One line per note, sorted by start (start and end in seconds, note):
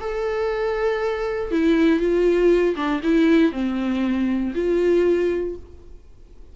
0.00 1.51 A4
1.51 1.99 E4
1.99 2.75 F4
2.75 3.01 D4
3.03 3.52 E4
3.52 4.53 C4
4.54 5.55 F4